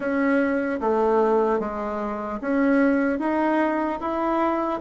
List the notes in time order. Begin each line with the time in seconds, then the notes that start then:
0.00 C#4
0.80 A3
1.59 G#3
2.41 C#4
3.19 D#4
4.00 E4